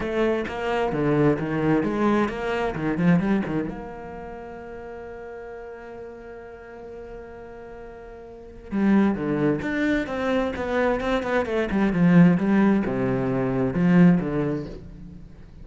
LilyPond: \new Staff \with { instrumentName = "cello" } { \time 4/4 \tempo 4 = 131 a4 ais4 d4 dis4 | gis4 ais4 dis8 f8 g8 dis8 | ais1~ | ais1~ |
ais2. g4 | d4 d'4 c'4 b4 | c'8 b8 a8 g8 f4 g4 | c2 f4 d4 | }